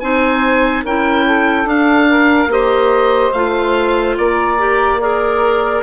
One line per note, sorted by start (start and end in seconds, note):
0.00 0.84 C4
0.00 0.85 D#4
0.00 0.84 C5
0.00 0.83 G#5
0.84 1.65 C#4
0.84 1.66 E4
0.84 1.25 A#4
0.84 1.69 G5
1.26 2.08 A4
1.65 2.47 D4
1.65 2.50 D4
1.65 2.52 F5
2.08 2.50 A#4
2.47 3.30 A#3
2.47 3.34 G4
2.47 4.18 C5
2.47 3.32 D#5
3.32 4.17 A3
3.32 4.58 F4
3.32 4.16 F5
4.18 5.83 A#3
4.18 4.99 A#4
4.18 5.01 D5
4.58 5.00 G4
4.99 5.83 G#4
4.99 5.83 A#4
4.99 5.83 D5